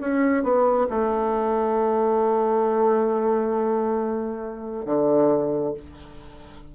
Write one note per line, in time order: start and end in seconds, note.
0.00 0.43 C#4
0.43 0.87 B3
0.89 4.85 A3
4.85 5.74 D3